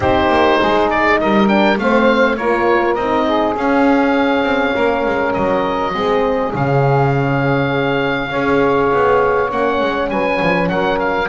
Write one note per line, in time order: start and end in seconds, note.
0.00 0.28 C4
0.00 1.47 D#4
0.00 0.59 G4
0.00 0.90 C5
0.28 0.58 A#3
0.59 1.21 G#3
0.59 1.19 G#4
0.90 1.19 D5
1.20 1.78 G3
1.20 1.80 A#4
1.20 1.48 D#5
1.47 1.77 D4
1.47 1.77 G5
1.78 2.37 A3
1.78 2.38 C4
1.78 2.36 C5
1.78 2.36 F5
2.36 2.96 A#3
2.36 2.99 F4
2.36 3.25 A#4
2.36 2.94 C#5
2.94 3.55 C4
2.94 3.56 D#4
2.94 3.54 D#5
3.25 4.73 G#4
3.56 5.92 C#4
3.56 4.42 C#4
3.56 5.33 F5
4.42 4.72 C4
4.73 5.05 A#3
4.73 5.92 A#4
5.05 5.35 G#3
5.33 5.94 F#3
5.33 6.52 D#5
5.92 6.53 G#3
5.92 6.52 C4
5.92 8.29 G#4
6.53 8.32 C#3
6.53 8.32 C#4
6.53 9.51 F5
8.29 8.91 C#4
8.29 9.49 G#4
8.29 10.07 C#5
8.92 9.51 B3
9.49 9.81 A#3
9.49 11.27 C#4
9.49 10.09 F#5
9.81 10.10 G#3
10.09 10.40 F#3
10.09 10.69 B4
10.09 10.69 G#5
10.42 10.69 F3
10.69 11.28 F#3
10.69 11.28 A#4
10.69 10.98 F#5
10.99 11.28 F5